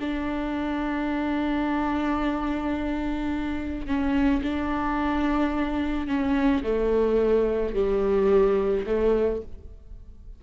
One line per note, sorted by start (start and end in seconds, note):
0.00 3.86 D4
3.86 4.42 C#4
4.42 6.07 D4
6.07 6.63 C#4
6.63 7.74 A3
7.74 8.85 G3
8.86 9.41 A3